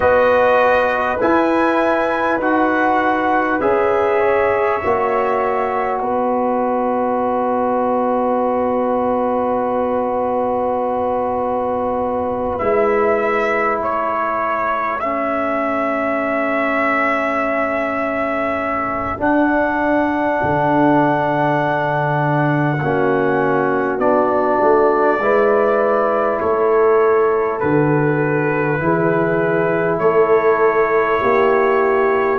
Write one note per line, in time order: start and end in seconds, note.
0.00 1.18 B3
0.00 1.18 F#4
0.00 4.19 B4
0.00 1.19 D#5
1.20 2.40 E4
1.20 2.38 E4
1.20 2.40 G#5
2.38 3.58 D#4
2.38 3.60 F#4
2.38 3.60 F#5
3.60 4.81 C#4
3.60 4.80 G#4
3.60 6.00 E5
4.19 5.99 C#5
4.81 6.01 A#3
4.81 12.60 F#4
6.00 12.60 B3
6.00 13.81 B4
6.00 12.58 D#5
12.58 13.80 G#3
12.58 15.00 E4
12.58 13.78 E5
13.80 19.20 A3
13.80 22.82 A4
13.80 14.99 C#5
14.99 19.17 C#4
14.99 19.19 E5
19.17 22.77 D4
19.17 20.40 D4
19.17 23.99 F#5
20.42 22.80 D3
22.80 23.98 A#3
22.80 23.98 C#4
22.80 25.21 F#4
23.98 24.58 B3
23.98 25.18 D4
23.98 26.39 D5
24.61 25.18 A3
25.18 26.38 G#3
25.18 27.61 E4
25.18 26.41 B4
26.39 27.62 A3
26.39 28.81 A4
26.39 27.59 C#5
27.59 28.80 D3
27.59 28.79 F#4
27.59 29.98 B4
28.79 29.98 E3
28.79 32.38 E4
28.79 30.01 G#4
29.98 31.18 A3
29.98 31.21 A4
29.98 32.38 C#5
31.21 32.38 A#3
31.21 32.38 G4